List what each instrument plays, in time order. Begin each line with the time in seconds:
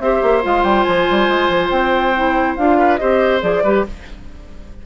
0.00 bassoon C4, clarinet G4, oboe C5, flute E5
0.23 bassoon A#3
0.43 bassoon G#3, clarinet F4, flute F5
0.63 bassoon G3, flute G5
0.84 bassoon F3, flute G#5
1.10 bassoon G3
1.29 bassoon G#3
1.49 bassoon F3
1.70 bassoon C4, flute G5
2.16 clarinet E4
2.56 bassoon D4, clarinet F4, flute F5
2.78 oboe B4
2.97 bassoon C4, clarinet G4, oboe C5, flute D#5
3.41 bassoon F3, clarinet G#4, flute D5
3.64 bassoon G3, clarinet G4, oboe B4